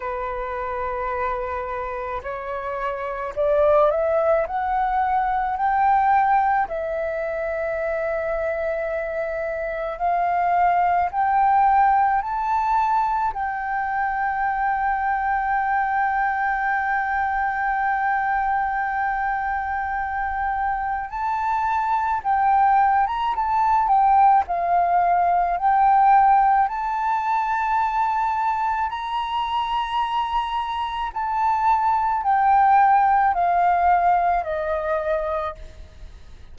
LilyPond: \new Staff \with { instrumentName = "flute" } { \time 4/4 \tempo 4 = 54 b'2 cis''4 d''8 e''8 | fis''4 g''4 e''2~ | e''4 f''4 g''4 a''4 | g''1~ |
g''2. a''4 | g''8. ais''16 a''8 g''8 f''4 g''4 | a''2 ais''2 | a''4 g''4 f''4 dis''4 | }